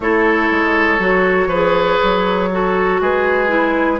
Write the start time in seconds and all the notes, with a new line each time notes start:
0.00 A3 E4 A4 C#5
0.50 G#3
0.98 F#3 F#4
1.46 F3 B4
1.53 G#4
2.03 F#3
2.51 F#4 A4
3.00 G#3 G#4 B4
3.48 E4